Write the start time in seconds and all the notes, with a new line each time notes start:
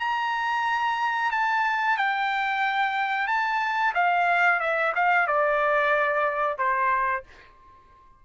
0.00 A#5
1.32 A5
1.98 G5
3.28 A5
3.95 F5
4.60 E5
4.95 F5
5.28 D5
6.58 C5